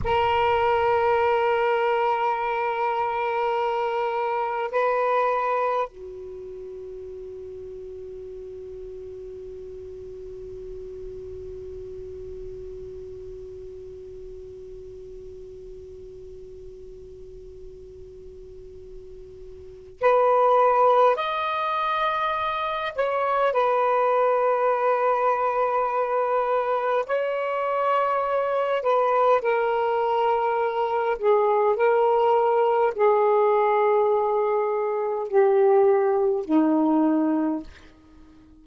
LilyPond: \new Staff \with { instrumentName = "saxophone" } { \time 4/4 \tempo 4 = 51 ais'1 | b'4 fis'2.~ | fis'1~ | fis'1~ |
fis'4 b'4 dis''4. cis''8 | b'2. cis''4~ | cis''8 b'8 ais'4. gis'8 ais'4 | gis'2 g'4 dis'4 | }